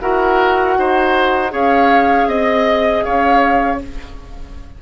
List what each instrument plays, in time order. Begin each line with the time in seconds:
0.00 bassoon E4, clarinet F#4, oboe A#4, flute F#5
0.77 bassoon D#4, oboe C5
1.50 bassoon C#4, clarinet G#4, oboe C#5, flute F5
2.27 bassoon C4, flute D#5, oboe D#5
3.03 bassoon C#4, oboe C#5, flute F5